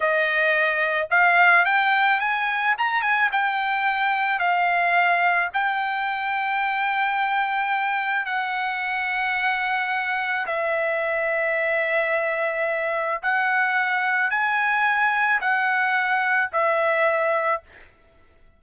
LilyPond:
\new Staff \with { instrumentName = "trumpet" } { \time 4/4 \tempo 4 = 109 dis''2 f''4 g''4 | gis''4 ais''8 gis''8 g''2 | f''2 g''2~ | g''2. fis''4~ |
fis''2. e''4~ | e''1 | fis''2 gis''2 | fis''2 e''2 | }